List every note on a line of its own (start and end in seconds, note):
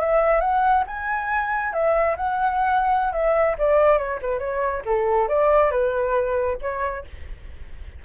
0.00 0.41 E5
0.41 0.84 F#5
0.87 1.73 G#5
1.73 2.16 E5
2.17 3.13 F#5
3.13 3.56 E5
3.59 3.98 D5
3.98 4.20 C#5
4.22 4.39 B4
4.39 4.82 C#5
4.86 5.29 A4
5.29 5.72 D5
5.72 6.58 B4
6.62 7.05 C#5